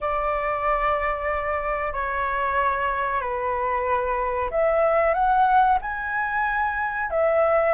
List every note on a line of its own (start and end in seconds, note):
0.00 1.93 D5
1.93 3.21 C#5
3.21 4.50 B4
4.50 5.13 E5
5.13 5.78 F#5
5.81 7.10 G#5
7.10 7.74 E5